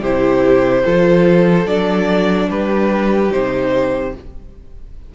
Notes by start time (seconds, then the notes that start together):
0.00 C3 E4 G4 C5
0.84 F3 F4 A4
1.65 F#3 D4 D5
2.49 G3 G4 B4
3.30 C3 D#4 C5